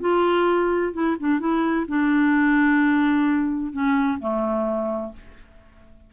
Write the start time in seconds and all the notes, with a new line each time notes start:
0.00 F4
0.93 E4
1.19 D4
1.39 E4
1.88 D4
3.72 C#4
4.19 A3